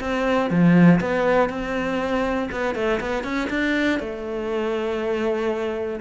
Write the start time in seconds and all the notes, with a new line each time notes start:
0.00 C4
0.50 F3
1.00 B3
1.49 C4
2.52 B3
2.75 A3
3.00 B3
3.24 C#4
3.50 D4
4.00 A3